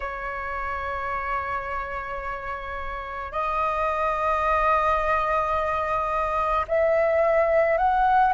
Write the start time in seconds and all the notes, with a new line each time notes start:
0.00 C#5
3.31 D#5
6.68 E5
7.77 F#5